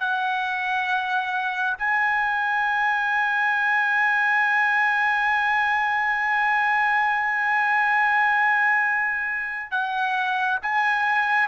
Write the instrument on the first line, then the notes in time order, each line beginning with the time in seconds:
trumpet
0.00 F#5
1.78 G#5
9.71 F#5
10.62 G#5